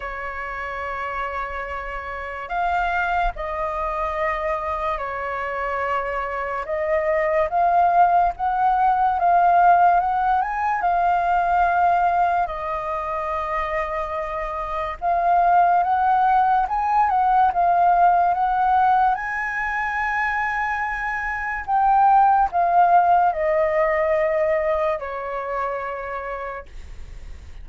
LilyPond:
\new Staff \with { instrumentName = "flute" } { \time 4/4 \tempo 4 = 72 cis''2. f''4 | dis''2 cis''2 | dis''4 f''4 fis''4 f''4 | fis''8 gis''8 f''2 dis''4~ |
dis''2 f''4 fis''4 | gis''8 fis''8 f''4 fis''4 gis''4~ | gis''2 g''4 f''4 | dis''2 cis''2 | }